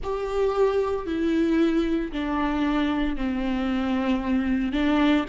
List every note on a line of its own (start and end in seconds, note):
0.03 1.06 G4
1.06 2.11 E4
2.11 3.16 D4
3.16 4.72 C4
4.72 5.25 D4